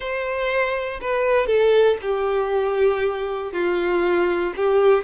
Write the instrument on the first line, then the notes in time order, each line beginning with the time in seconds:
violin
0.00 C5
1.01 B4
1.46 A4
2.01 G4
3.52 F4
4.56 G4